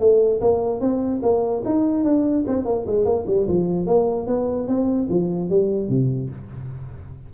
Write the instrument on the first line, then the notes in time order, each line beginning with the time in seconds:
tuba
0.00 A3
0.41 A#3
0.81 C4
1.23 A#3
1.65 D#4
2.04 D4
2.47 C4
2.65 A#3
2.87 G#3
3.05 A#3
3.27 G3
3.48 F3
3.87 A#3
4.27 B3
4.68 C4
5.10 F3
5.50 G3
5.89 C3